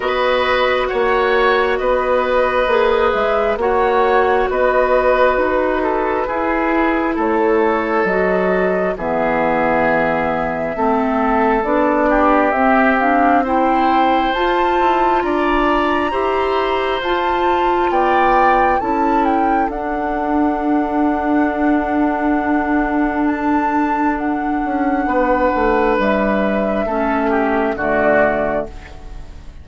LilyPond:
<<
  \new Staff \with { instrumentName = "flute" } { \time 4/4 \tempo 4 = 67 dis''4 fis''4 dis''4. e''8 | fis''4 dis''4 b'2 | cis''4 dis''4 e''2~ | e''4 d''4 e''8 f''8 g''4 |
a''4 ais''2 a''4 | g''4 a''8 g''8 fis''2~ | fis''2 a''4 fis''4~ | fis''4 e''2 d''4 | }
  \new Staff \with { instrumentName = "oboe" } { \time 4/4 b'4 cis''4 b'2 | cis''4 b'4. a'8 gis'4 | a'2 gis'2 | a'4. g'4. c''4~ |
c''4 d''4 c''2 | d''4 a'2.~ | a'1 | b'2 a'8 g'8 fis'4 | }
  \new Staff \with { instrumentName = "clarinet" } { \time 4/4 fis'2. gis'4 | fis'2. e'4~ | e'4 fis'4 b2 | c'4 d'4 c'8 d'8 e'4 |
f'2 g'4 f'4~ | f'4 e'4 d'2~ | d'1~ | d'2 cis'4 a4 | }
  \new Staff \with { instrumentName = "bassoon" } { \time 4/4 b4 ais4 b4 ais8 gis8 | ais4 b4 dis'4 e'4 | a4 fis4 e2 | a4 b4 c'2 |
f'8 e'8 d'4 e'4 f'4 | b4 cis'4 d'2~ | d'2.~ d'8 cis'8 | b8 a8 g4 a4 d4 | }
>>